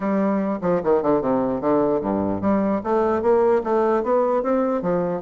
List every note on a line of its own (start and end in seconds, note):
0.00 0.59 G3
0.61 0.81 F3
0.83 1.02 D#3
1.02 1.21 D3
1.21 1.61 C3
1.61 2.00 D3
2.00 2.41 G2
2.41 2.81 G3
2.83 3.21 A3
3.21 3.62 A#3
3.63 4.03 A3
4.03 4.42 B3
4.42 4.82 C4
4.82 5.21 F3